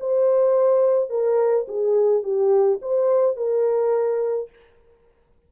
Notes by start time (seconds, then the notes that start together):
0.00 C5
1.10 A#4
1.68 G#4
2.24 G4
2.82 C5
3.37 A#4